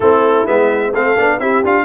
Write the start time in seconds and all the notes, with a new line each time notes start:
0.00 A3 C4 E4 A4
0.46 G#3 B3 E5
0.91 A3 C4 A4 F5
1.16 B3 D4
1.39 C4 E4 G4 E5
1.64 D4 F4 F5